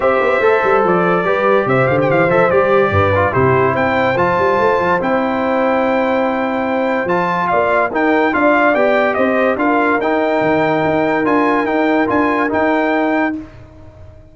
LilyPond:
<<
  \new Staff \with { instrumentName = "trumpet" } { \time 4/4 \tempo 4 = 144 e''2 d''2 | e''8 f''16 g''16 f''8 e''8 d''2 | c''4 g''4 a''2 | g''1~ |
g''4 a''4 f''4 g''4 | f''4 g''4 dis''4 f''4 | g''2. gis''4 | g''4 gis''4 g''2 | }
  \new Staff \with { instrumentName = "horn" } { \time 4/4 c''2. b'4 | c''2. b'4 | g'4 c''2.~ | c''1~ |
c''2 d''4 ais'4 | d''2 c''4 ais'4~ | ais'1~ | ais'1 | }
  \new Staff \with { instrumentName = "trombone" } { \time 4/4 g'4 a'2 g'4~ | g'4. a'8 g'4. f'8 | e'2 f'2 | e'1~ |
e'4 f'2 dis'4 | f'4 g'2 f'4 | dis'2. f'4 | dis'4 f'4 dis'2 | }
  \new Staff \with { instrumentName = "tuba" } { \time 4/4 c'8 b8 a8 g8 f4 g4 | c8 d8 e8 f8 g4 g,4 | c4 c'4 f8 g8 a8 f8 | c'1~ |
c'4 f4 ais4 dis'4 | d'4 b4 c'4 d'4 | dis'4 dis4 dis'4 d'4 | dis'4 d'4 dis'2 | }
>>